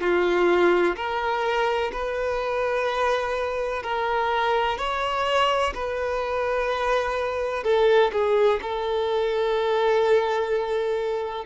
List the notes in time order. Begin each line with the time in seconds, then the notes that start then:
0.00 F4
0.96 A#4
1.92 B4
3.82 A#4
4.78 C#5
5.74 B4
7.63 A4
8.12 G#4
8.61 A4